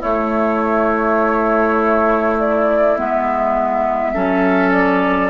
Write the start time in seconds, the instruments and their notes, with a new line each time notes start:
0.00 clarinet A3, bassoon A3, oboe E4, flute C#5
2.39 flute D5
2.97 bassoon G#3, clarinet B3, flute E5
4.14 bassoon F#3, clarinet C#4, oboe A4
4.73 flute D5